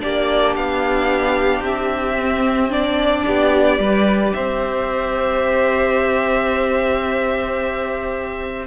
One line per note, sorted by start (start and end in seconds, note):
0.00 0.57 A#3
0.00 2.16 D4
0.00 2.72 G4
0.00 0.55 D5
0.56 1.61 B3
0.56 1.64 F5
1.61 3.23 C4
1.61 2.73 E5
2.18 2.70 C4
2.70 3.78 D4
2.70 3.26 D5
2.70 4.34 D5
3.26 3.79 B3
3.26 3.80 G4
3.79 4.33 G3
3.79 8.65 G4
3.79 4.35 B4
4.34 8.67 C4
4.34 8.67 C5
4.34 8.66 E5